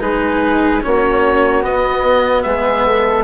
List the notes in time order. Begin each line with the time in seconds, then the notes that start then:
0.00 G#3 D#4 G#4 B4
0.82 A#3 C#4 F#4 C#5
1.62 B3 D#5
2.43 G#3 G#4 E5
2.86 A4